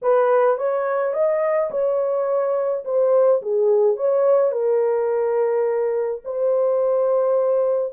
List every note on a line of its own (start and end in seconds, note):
0.02 0.57 B4
0.57 1.13 C#5
1.13 1.70 D#5
1.70 2.84 C#5
2.85 3.41 C5
3.42 3.96 G#4
3.96 4.51 C#5
4.51 6.21 A#4
6.24 7.93 C5